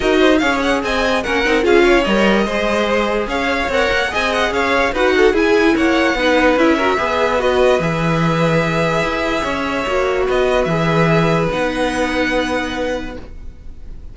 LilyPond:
<<
  \new Staff \with { instrumentName = "violin" } { \time 4/4 \tempo 4 = 146 dis''4 f''8 fis''8 gis''4 fis''4 | f''4 dis''2. | f''4 fis''4 gis''8 fis''8 f''4 | fis''4 gis''4 fis''2 |
e''2 dis''4 e''4~ | e''1~ | e''4 dis''4 e''2 | fis''1 | }
  \new Staff \with { instrumentName = "violin" } { \time 4/4 ais'8 c''8 cis''4 dis''4 ais'4 | gis'8 cis''4. c''2 | cis''2 dis''4 cis''4 | b'8 a'8 gis'4 cis''4 b'4~ |
b'8 ais'8 b'2.~ | b'2. cis''4~ | cis''4 b'2.~ | b'1 | }
  \new Staff \with { instrumentName = "viola" } { \time 4/4 fis'4 gis'2 cis'8 dis'8 | f'4 ais'4 gis'2~ | gis'4 ais'4 gis'2 | fis'4 e'2 dis'4 |
e'8 fis'8 gis'4 fis'4 gis'4~ | gis'1 | fis'2 gis'2 | dis'1 | }
  \new Staff \with { instrumentName = "cello" } { \time 4/4 dis'4 cis'4 c'4 ais8 c'8 | cis'4 g4 gis2 | cis'4 c'8 ais8 c'4 cis'4 | dis'4 e'4 ais4 b4 |
cis'4 b2 e4~ | e2 e'4 cis'4 | ais4 b4 e2 | b1 | }
>>